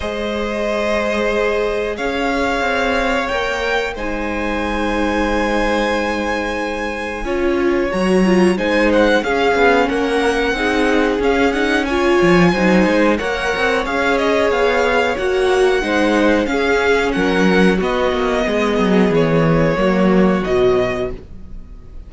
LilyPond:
<<
  \new Staff \with { instrumentName = "violin" } { \time 4/4 \tempo 4 = 91 dis''2. f''4~ | f''4 g''4 gis''2~ | gis''1 | ais''4 gis''8 fis''8 f''4 fis''4~ |
fis''4 f''8 fis''8 gis''2 | fis''4 f''8 dis''8 f''4 fis''4~ | fis''4 f''4 fis''4 dis''4~ | dis''4 cis''2 dis''4 | }
  \new Staff \with { instrumentName = "violin" } { \time 4/4 c''2. cis''4~ | cis''2 c''2~ | c''2. cis''4~ | cis''4 c''4 gis'4 ais'4 |
gis'2 cis''4 c''4 | cis''1 | c''4 gis'4 ais'4 fis'4 | gis'2 fis'2 | }
  \new Staff \with { instrumentName = "viola" } { \time 4/4 gis'1~ | gis'4 ais'4 dis'2~ | dis'2. f'4 | fis'8 f'8 dis'4 cis'2 |
dis'4 cis'8 dis'8 f'4 dis'4 | ais'4 gis'2 fis'4 | dis'4 cis'2 b4~ | b2 ais4 fis4 | }
  \new Staff \with { instrumentName = "cello" } { \time 4/4 gis2. cis'4 | c'4 ais4 gis2~ | gis2. cis'4 | fis4 gis4 cis'8 b8 ais4 |
c'4 cis'4. f8 fis8 gis8 | ais8 c'8 cis'4 b4 ais4 | gis4 cis'4 fis4 b8 ais8 | gis8 fis8 e4 fis4 b,4 | }
>>